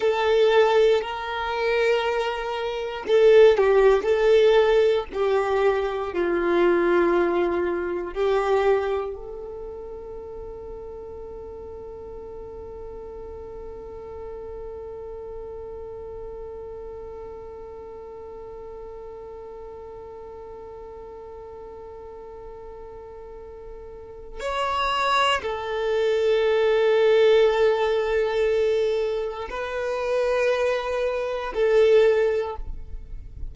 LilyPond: \new Staff \with { instrumentName = "violin" } { \time 4/4 \tempo 4 = 59 a'4 ais'2 a'8 g'8 | a'4 g'4 f'2 | g'4 a'2.~ | a'1~ |
a'1~ | a'1 | cis''4 a'2.~ | a'4 b'2 a'4 | }